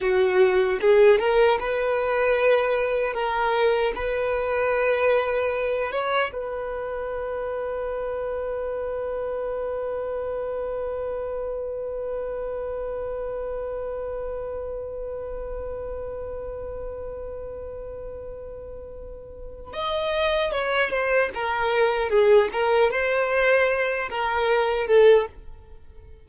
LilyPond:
\new Staff \with { instrumentName = "violin" } { \time 4/4 \tempo 4 = 76 fis'4 gis'8 ais'8 b'2 | ais'4 b'2~ b'8 cis''8 | b'1~ | b'1~ |
b'1~ | b'1~ | b'4 dis''4 cis''8 c''8 ais'4 | gis'8 ais'8 c''4. ais'4 a'8 | }